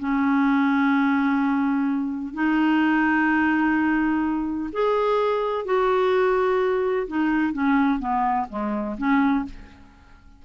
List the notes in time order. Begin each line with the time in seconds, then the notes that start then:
0.00 C#4
2.34 D#4
4.73 G#4
5.66 F#4
7.08 D#4
7.54 C#4
8.00 B3
8.50 G#3
8.98 C#4